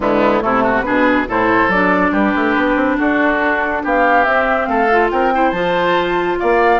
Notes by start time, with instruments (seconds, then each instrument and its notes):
0.00 bassoon D3, clarinet G#3, oboe B3, flute E4
0.40 bassoon C3, clarinet A3, oboe E4, flute A4
0.63 oboe F#4
0.81 clarinet D4, oboe G#4, flute B4
0.88 bassoon B2
1.28 bassoon A2, clarinet E4, oboe A4, flute C5
1.68 bassoon F#3, clarinet D4, flute D5
2.11 bassoon G3, oboe G4, flute B4
2.35 bassoon A3
2.55 bassoon B3
2.75 bassoon C4
2.97 bassoon D4, oboe F#4, flute A4
3.83 bassoon B3, oboe G4, flute F5
4.24 clarinet C4, bassoon C4, flute E5
4.65 bassoon A3, oboe A4, flute F5
4.91 clarinet F4
5.11 bassoon C4, oboe A#4, flute G5
5.33 clarinet E4, oboe C5
5.51 bassoon F3, clarinet F4, flute A5
6.39 bassoon A#3, oboe D5, flute F5